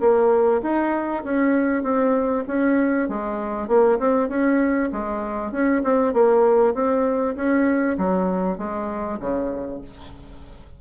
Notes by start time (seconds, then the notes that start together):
0.00 A#3
0.62 D#4
1.24 C#4
1.83 C4
2.47 C#4
3.09 G#3
3.68 A#3
3.99 C4
4.28 C#4
4.92 G#3
5.52 C#4
5.84 C4
6.13 A#3
6.74 C4
7.36 C#4
7.98 F#3
8.58 G#3
9.19 C#3